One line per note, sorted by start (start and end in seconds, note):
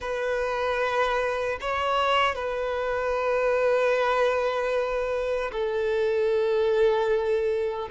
0.00 1.58 B4
1.60 2.35 C#5
2.35 5.50 B4
5.52 7.88 A4